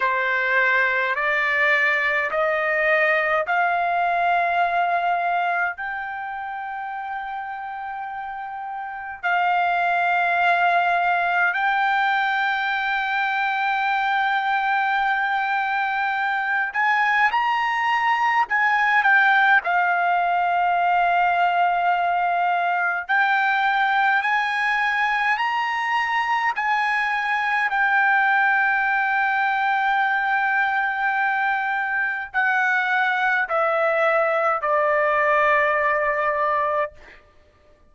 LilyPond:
\new Staff \with { instrumentName = "trumpet" } { \time 4/4 \tempo 4 = 52 c''4 d''4 dis''4 f''4~ | f''4 g''2. | f''2 g''2~ | g''2~ g''8 gis''8 ais''4 |
gis''8 g''8 f''2. | g''4 gis''4 ais''4 gis''4 | g''1 | fis''4 e''4 d''2 | }